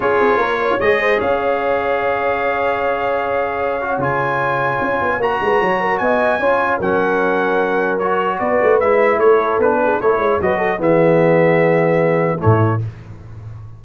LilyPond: <<
  \new Staff \with { instrumentName = "trumpet" } { \time 4/4 \tempo 4 = 150 cis''2 dis''4 f''4~ | f''1~ | f''2 gis''2~ | gis''4 ais''2 gis''4~ |
gis''4 fis''2. | cis''4 d''4 e''4 cis''4 | b'4 cis''4 dis''4 e''4~ | e''2. cis''4 | }
  \new Staff \with { instrumentName = "horn" } { \time 4/4 gis'4 ais'8 cis''4 c''8 cis''4~ | cis''1~ | cis''1~ | cis''4. b'8 cis''8 ais'8 dis''4 |
cis''4 ais'2.~ | ais'4 b'2 a'4~ | a'8 gis'8 a'8 cis''8 b'8 a'8 gis'4~ | gis'2. e'4 | }
  \new Staff \with { instrumentName = "trombone" } { \time 4/4 f'2 gis'2~ | gis'1~ | gis'4. fis'8 f'2~ | f'4 fis'2. |
f'4 cis'2. | fis'2 e'2 | d'4 e'4 fis'4 b4~ | b2. a4 | }
  \new Staff \with { instrumentName = "tuba" } { \time 4/4 cis'8 c'8 ais4 gis4 cis'4~ | cis'1~ | cis'2 cis2 | cis'8 b8 ais8 gis8 fis4 b4 |
cis'4 fis2.~ | fis4 b8 a8 gis4 a4 | b4 a8 gis8 fis4 e4~ | e2. a,4 | }
>>